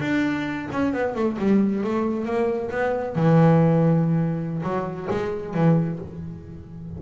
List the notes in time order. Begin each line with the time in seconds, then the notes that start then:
0.00 D4
0.72 C#4
0.93 B3
1.15 A3
1.39 G3
1.84 A3
2.25 A#3
2.71 B3
3.16 E3
4.63 F#3
5.11 G#3
5.54 E3